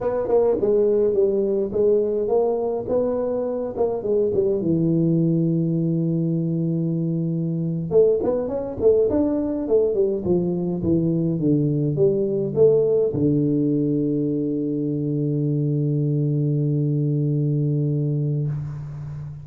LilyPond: \new Staff \with { instrumentName = "tuba" } { \time 4/4 \tempo 4 = 104 b8 ais8 gis4 g4 gis4 | ais4 b4. ais8 gis8 g8 | e1~ | e4.~ e16 a8 b8 cis'8 a8 d'16~ |
d'8. a8 g8 f4 e4 d16~ | d8. g4 a4 d4~ d16~ | d1~ | d1 | }